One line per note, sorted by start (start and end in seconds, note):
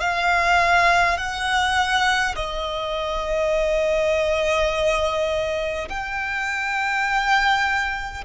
0.00 1.17 F5
1.17 2.35 F#5
2.35 5.88 D#5
5.89 8.24 G5